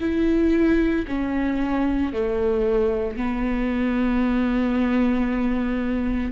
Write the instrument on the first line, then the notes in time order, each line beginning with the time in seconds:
viola
0.00 E4
1.08 C#4
2.13 A3
3.17 B3